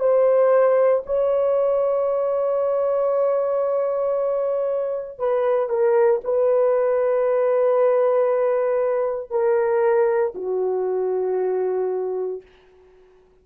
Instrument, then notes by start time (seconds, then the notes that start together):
horn
0.00 C5
1.07 C#5
5.19 B4
5.70 A#4
6.24 B4
9.31 A#4
10.35 F#4